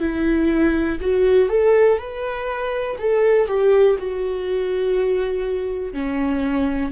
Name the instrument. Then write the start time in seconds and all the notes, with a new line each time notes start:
viola
0.00 E4
1.01 F#4
1.50 A4
1.99 B4
2.99 A4
3.48 G4
3.99 F#4
5.93 C#4